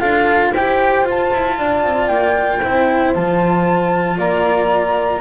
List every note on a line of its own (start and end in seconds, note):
0.00 0.53 D4
0.00 0.53 F4
0.00 0.52 A4
0.00 0.53 F5
0.52 1.04 E4
0.52 1.05 G4
0.52 1.57 C5
0.52 1.07 G5
1.04 1.30 F4
1.04 2.61 F4
1.10 2.08 A5
1.34 1.59 E4
1.59 1.84 D4
1.59 2.61 D5
1.84 2.09 C4
2.08 2.61 A#3
2.08 3.12 G5
2.61 3.16 C4
2.61 3.15 E4
2.61 4.18 C5
3.15 4.19 F3
3.15 5.21 F4
3.15 4.19 A5
4.18 5.21 A#3
4.18 5.21 D5
4.18 5.21 A#5